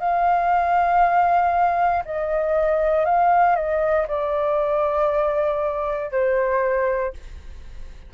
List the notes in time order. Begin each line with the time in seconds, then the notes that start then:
0.00 F5
2.05 D#5
3.05 F5
3.55 D#5
4.08 D5
6.12 C5